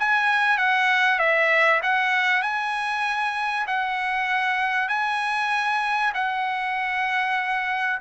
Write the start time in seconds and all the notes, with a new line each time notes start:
0.00 G#5
0.58 F#5
1.19 E5
1.83 F#5
2.43 G#5
3.67 F#5
4.89 G#5
6.15 F#5